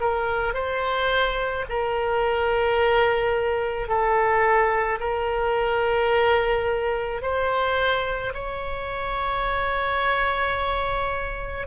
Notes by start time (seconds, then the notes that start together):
0.00 A#4
0.54 C5
1.69 A#4
3.88 A4
4.99 A#4
7.22 C5
8.33 C#5